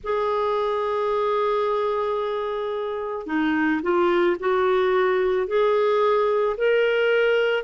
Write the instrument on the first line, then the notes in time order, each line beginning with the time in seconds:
clarinet
0.03 G#4
3.26 D#4
3.82 F4
4.39 F#4
5.47 G#4
6.57 A#4